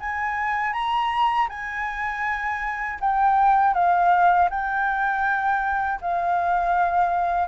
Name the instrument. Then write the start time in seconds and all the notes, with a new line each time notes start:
flute
0.00 G#5
0.73 A#5
1.49 G#5
3.00 G5
3.74 F5
4.50 G5
6.01 F5